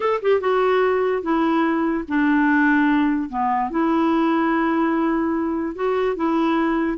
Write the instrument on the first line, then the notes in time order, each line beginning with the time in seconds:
clarinet
0.00 A4
0.22 G4
0.40 F#4
1.22 E4
2.08 D4
3.29 B3
3.70 E4
5.75 F#4
6.16 E4